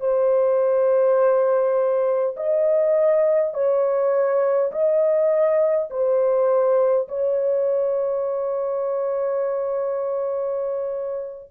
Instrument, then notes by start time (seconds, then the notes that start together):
horn
0.00 C5
2.36 D#5
3.53 C#5
4.72 D#5
5.90 C5
7.08 C#5